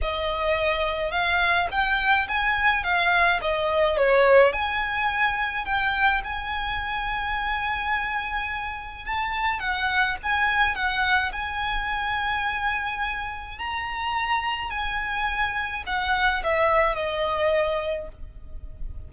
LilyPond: \new Staff \with { instrumentName = "violin" } { \time 4/4 \tempo 4 = 106 dis''2 f''4 g''4 | gis''4 f''4 dis''4 cis''4 | gis''2 g''4 gis''4~ | gis''1 |
a''4 fis''4 gis''4 fis''4 | gis''1 | ais''2 gis''2 | fis''4 e''4 dis''2 | }